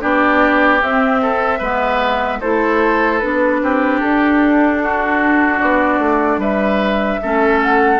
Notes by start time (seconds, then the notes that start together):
0.00 B3 D4 G4 D5
0.81 C4 E5
1.21 A4
1.58 G#3 B3 B4
2.40 A3 E4 A4 C5
3.18 B3 D4 B4
3.61 C4 G4
4.00 D4 A4
4.82 F#4
5.59 B3 D5
5.98 A3
6.37 G3 B4 E5
7.22 A3 C#4 A4
7.62 F#5